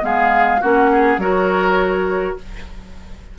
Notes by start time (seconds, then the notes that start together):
0.00 G#3 B3 G#4 F5
0.60 A#3 C#4 F#4 F#5
0.91 G#4
1.17 F#3 F#4 A#4 C#5